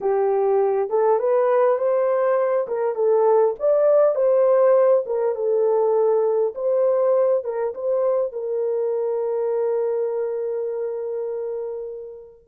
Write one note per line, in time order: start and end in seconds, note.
0.00 0.89 G4
0.89 1.19 A4
1.19 1.78 B4
1.78 2.67 C5
2.67 2.95 A#4
2.95 3.54 A4
3.59 4.14 D5
4.14 5.04 C5
5.06 5.35 A#4
5.35 6.54 A4
6.55 7.44 C5
7.44 7.73 A#4
7.74 8.32 C5
8.32 12.47 A#4